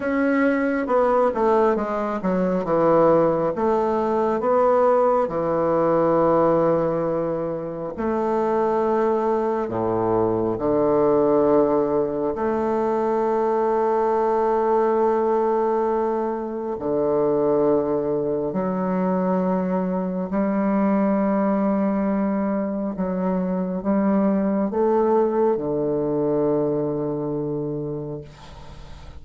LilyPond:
\new Staff \with { instrumentName = "bassoon" } { \time 4/4 \tempo 4 = 68 cis'4 b8 a8 gis8 fis8 e4 | a4 b4 e2~ | e4 a2 a,4 | d2 a2~ |
a2. d4~ | d4 fis2 g4~ | g2 fis4 g4 | a4 d2. | }